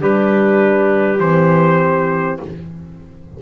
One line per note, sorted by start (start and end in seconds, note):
0.00 1.20 G3
0.00 1.20 D4
0.00 2.40 G4
0.00 1.20 B4
1.20 2.40 E3
1.20 2.42 C4
1.20 2.40 C5